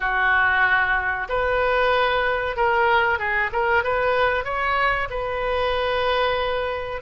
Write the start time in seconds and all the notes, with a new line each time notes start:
0.00 F#4
1.29 B4
2.56 A#4
3.18 G#4
3.52 A#4
3.83 B4
4.44 C#5
5.09 B4